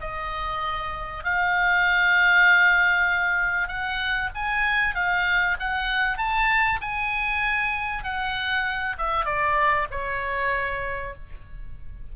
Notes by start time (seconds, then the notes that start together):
0.00 D#5
1.24 F5
3.67 F#5
4.35 G#5
4.95 F5
5.60 F#5
6.17 A5
6.81 G#5
8.03 F#5
8.98 E5
9.25 D5
9.91 C#5